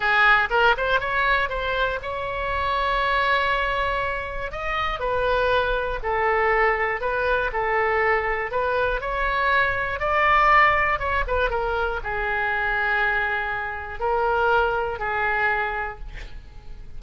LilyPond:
\new Staff \with { instrumentName = "oboe" } { \time 4/4 \tempo 4 = 120 gis'4 ais'8 c''8 cis''4 c''4 | cis''1~ | cis''4 dis''4 b'2 | a'2 b'4 a'4~ |
a'4 b'4 cis''2 | d''2 cis''8 b'8 ais'4 | gis'1 | ais'2 gis'2 | }